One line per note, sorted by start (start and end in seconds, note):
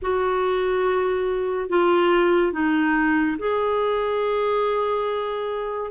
0.02 1.69 F#4
1.69 2.52 F4
2.52 3.36 D#4
3.38 5.90 G#4